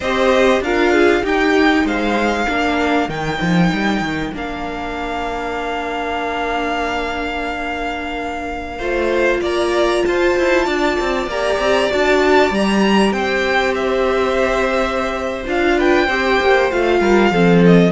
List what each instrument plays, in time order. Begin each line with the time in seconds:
0.00 cello C4, viola G4, violin C5 D#5
0.60 cello D4, viola F4, violin A#4 F5
0.93 violin G#4
1.22 viola D#4, cello D#4, violin G4 G5
1.84 cello G#3, violin C5 F5
2.47 cello A#3, viola D4, violin A#4
3.08 cello D#3, viola D#4, violin G5
3.41 cello F3
3.72 cello G3
4.01 cello D#3
4.33 cello A#3, viola D4, violin F5
8.78 cello A3, viola F4, violin C5
9.41 cello A#3, violin D5 A#5
10.05 cello F4, violin C5 A5
10.38 cello E4
10.65 cello D4, violin D5
11.00 cello C4
11.26 cello A#3, viola G4, violin A#5
11.58 cello C4
11.90 cello D4, viola F#4, violin A5
12.50 cello G3, viola G4, violin A#5
13.11 cello C4, violin C5 G5
13.74 violin E5
15.47 cello D4, viola F4, violin F5
15.77 violin B4 G5
16.05 cello C4, viola G4, violin C5
16.40 cello A#3
16.70 cello A3, viola F4, violin F5
17.00 cello G3, violin A#4
17.31 cello F3, viola C4, violin A4
17.65 violin D#5